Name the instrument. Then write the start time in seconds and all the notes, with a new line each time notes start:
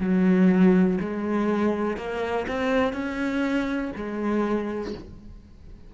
cello
0.00 F#3
1.00 G#3
1.97 A#3
2.47 C4
2.93 C#4
3.95 G#3